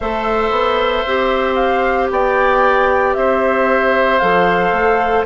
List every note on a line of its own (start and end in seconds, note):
0.00 0.50 A3
0.00 1.06 A4
0.00 2.11 C5
0.00 1.55 E5
0.50 1.03 B3
1.06 2.10 C4
1.06 4.21 G4
1.55 2.07 F5
2.10 3.15 B3
2.10 3.16 D5
2.10 3.14 G5
3.14 4.20 C4
3.14 5.25 C5
3.14 4.18 E5
4.18 4.72 F3
4.18 5.25 A4
4.18 5.23 F5
4.72 5.24 A3